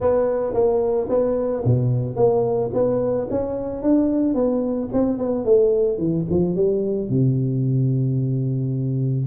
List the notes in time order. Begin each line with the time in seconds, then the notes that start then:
0.00 B3
0.53 A#3
1.09 B3
1.64 B2
2.16 A#3
2.73 B3
3.30 C#4
3.82 D4
4.34 B3
4.92 C4
5.18 B3
5.44 A3
5.98 E3
6.30 F3
6.55 G3
7.09 C3